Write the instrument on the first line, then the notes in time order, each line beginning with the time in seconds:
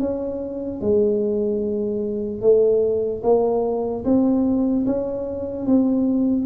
tuba
0.00 C#4
0.81 G#3
2.42 A3
3.23 A#3
4.05 C4
4.86 C#4
5.66 C4